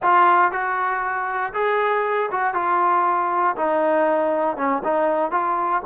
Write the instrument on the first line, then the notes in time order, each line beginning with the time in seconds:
trombone
0.02 F4
0.51 F#4
1.53 G#4
2.31 F#4
2.54 F4
3.56 D#4
4.56 C#4
4.84 D#4
5.31 F4